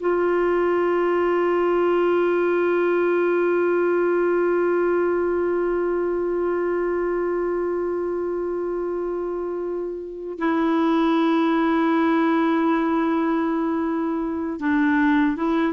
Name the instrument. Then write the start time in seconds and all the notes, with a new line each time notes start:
clarinet
0.00 F4
10.38 E4
14.59 D4
15.36 E4